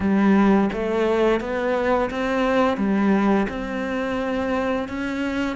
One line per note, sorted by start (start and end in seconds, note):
0.00 0.70 G3
0.72 1.40 A3
1.40 2.10 B3
2.10 2.77 C4
2.77 3.47 G3
3.49 4.88 C4
4.88 5.56 C#4